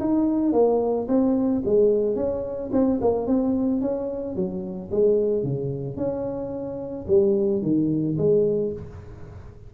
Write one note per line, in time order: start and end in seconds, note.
0.00 0.52 D#4
0.52 1.07 A#3
1.08 1.62 C4
1.65 2.15 G#3
2.15 2.70 C#4
2.72 3.00 C4
3.01 3.27 A#3
3.27 3.81 C4
3.81 4.35 C#4
4.35 4.90 F#3
4.91 5.43 G#3
5.43 5.97 C#3
5.97 7.06 C#4
7.08 7.62 G3
7.62 8.16 D#3
8.18 8.72 G#3